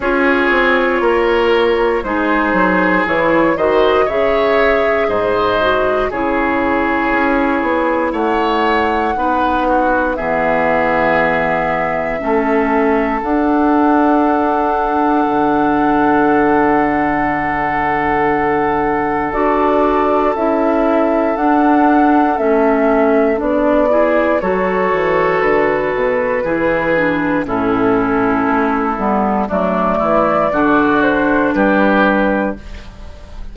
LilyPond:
<<
  \new Staff \with { instrumentName = "flute" } { \time 4/4 \tempo 4 = 59 cis''2 c''4 cis''8 dis''8 | e''4 dis''4 cis''2 | fis''2 e''2~ | e''4 fis''2.~ |
fis''2. d''4 | e''4 fis''4 e''4 d''4 | cis''4 b'2 a'4~ | a'4 d''4. c''8 b'4 | }
  \new Staff \with { instrumentName = "oboe" } { \time 4/4 gis'4 ais'4 gis'4. c''8 | cis''4 c''4 gis'2 | cis''4 b'8 fis'8 gis'2 | a'1~ |
a'1~ | a'2.~ a'8 gis'8 | a'2 gis'4 e'4~ | e'4 d'8 e'8 fis'4 g'4 | }
  \new Staff \with { instrumentName = "clarinet" } { \time 4/4 f'2 dis'4 e'8 fis'8 | gis'4. fis'8 e'2~ | e'4 dis'4 b2 | cis'4 d'2.~ |
d'2. fis'4 | e'4 d'4 cis'4 d'8 e'8 | fis'2 e'8 d'8 cis'4~ | cis'8 b8 a4 d'2 | }
  \new Staff \with { instrumentName = "bassoon" } { \time 4/4 cis'8 c'8 ais4 gis8 fis8 e8 dis8 | cis4 gis,4 cis4 cis'8 b8 | a4 b4 e2 | a4 d'2 d4~ |
d2. d'4 | cis'4 d'4 a4 b4 | fis8 e8 d8 b,8 e4 a,4 | a8 g8 fis8 e8 d4 g4 | }
>>